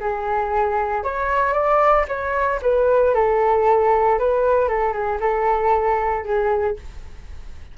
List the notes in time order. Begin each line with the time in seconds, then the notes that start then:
0.00 G#4
1.04 C#5
1.53 D5
2.08 C#5
2.62 B4
3.14 A4
4.19 B4
4.69 A4
4.93 G#4
5.20 A4
6.24 G#4